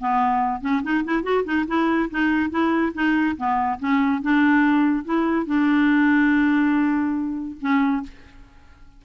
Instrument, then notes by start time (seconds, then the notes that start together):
clarinet
0.00 B3
0.61 C#4
0.83 D#4
1.04 E4
1.23 F#4
1.45 D#4
1.68 E4
2.11 D#4
2.50 E4
2.94 D#4
3.37 B3
3.80 C#4
4.22 D4
5.05 E4
5.46 D4
7.61 C#4